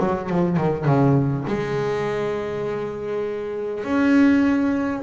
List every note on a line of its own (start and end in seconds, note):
0.00 0.30 F#3
0.30 0.57 F3
0.57 0.85 D#3
0.85 1.44 C#3
1.47 3.84 G#3
3.84 5.03 C#4